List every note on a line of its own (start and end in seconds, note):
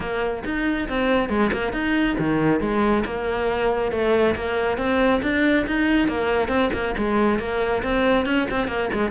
0.00 0.43 A#3
0.44 0.88 D#4
0.88 1.29 C4
1.29 1.51 G#3
1.52 1.72 A#3
1.72 2.16 D#4
2.18 2.60 D#3
2.60 3.04 G#3
3.05 3.91 A#3
3.91 4.35 A3
4.35 4.77 A#3
4.77 5.21 C4
5.22 5.66 D4
5.66 6.08 D#4
6.08 6.48 A#3
6.48 6.70 C4
6.73 6.94 A#3
6.97 7.39 G#3
7.39 7.82 A#3
7.83 8.25 C4
8.25 8.47 C#4
8.50 8.67 C4
8.67 8.89 A#3
8.93 9.10 G#3